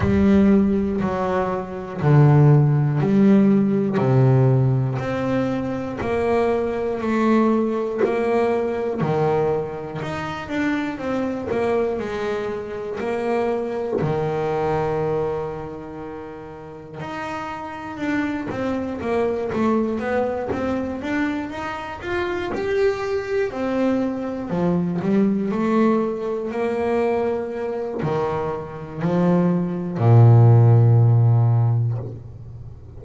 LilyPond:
\new Staff \with { instrumentName = "double bass" } { \time 4/4 \tempo 4 = 60 g4 fis4 d4 g4 | c4 c'4 ais4 a4 | ais4 dis4 dis'8 d'8 c'8 ais8 | gis4 ais4 dis2~ |
dis4 dis'4 d'8 c'8 ais8 a8 | b8 c'8 d'8 dis'8 f'8 g'4 c'8~ | c'8 f8 g8 a4 ais4. | dis4 f4 ais,2 | }